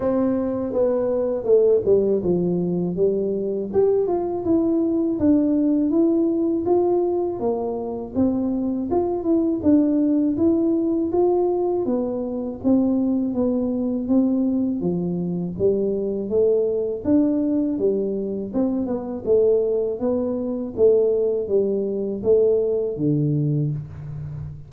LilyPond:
\new Staff \with { instrumentName = "tuba" } { \time 4/4 \tempo 4 = 81 c'4 b4 a8 g8 f4 | g4 g'8 f'8 e'4 d'4 | e'4 f'4 ais4 c'4 | f'8 e'8 d'4 e'4 f'4 |
b4 c'4 b4 c'4 | f4 g4 a4 d'4 | g4 c'8 b8 a4 b4 | a4 g4 a4 d4 | }